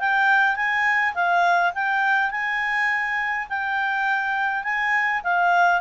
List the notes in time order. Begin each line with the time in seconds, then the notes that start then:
0.00 G5
0.56 G#5
1.15 F5
1.75 G5
2.31 G#5
3.50 G5
4.64 G#5
5.24 F5